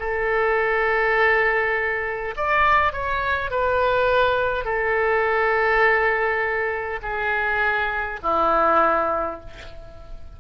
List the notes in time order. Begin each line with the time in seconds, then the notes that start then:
0.00 A4
2.37 D5
2.93 C#5
3.51 B4
4.65 A4
7.03 G#4
8.23 E4